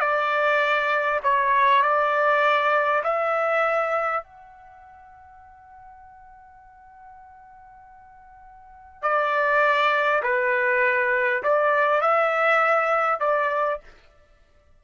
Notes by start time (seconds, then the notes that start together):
0.00 D5
1.23 C#5
1.82 D5
3.04 E5
4.24 F#5
9.02 D5
10.23 B4
11.43 D5
12.01 E5
13.20 D5